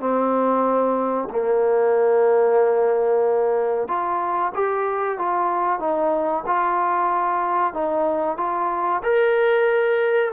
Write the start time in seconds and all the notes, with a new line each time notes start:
0.00 C4
1.30 A#3
3.88 F4
4.55 G4
5.19 F4
5.80 D#4
6.47 F4
7.74 D#4
8.38 F4
9.04 A#4